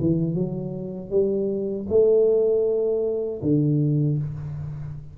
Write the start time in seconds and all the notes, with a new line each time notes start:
0.00 E3
0.34 F#3
1.10 G3
1.89 A3
3.42 D3